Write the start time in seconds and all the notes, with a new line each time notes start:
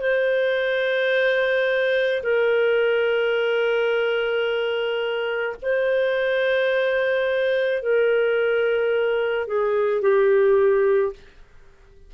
0.00 C5
2.22 A#4
5.62 C5
7.82 A#4
9.47 G#4
10.02 G4